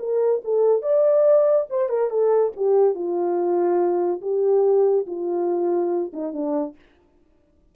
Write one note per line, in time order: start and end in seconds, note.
0.00 0.42 A#4
0.45 0.83 A4
0.83 1.67 D5
1.70 1.90 C5
1.90 2.10 A#4
2.10 2.53 A4
2.57 2.95 G4
2.95 4.22 F4
4.22 5.07 G4
5.07 6.13 F4
6.14 6.34 D#4
6.34 6.76 D4